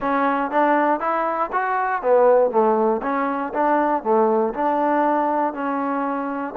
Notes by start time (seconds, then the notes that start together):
0.00 C#4
0.50 D4
0.99 E4
1.52 F#4
2.01 B3
2.50 A3
3.02 C#4
3.53 D4
4.03 A3
4.54 D4
5.53 C#4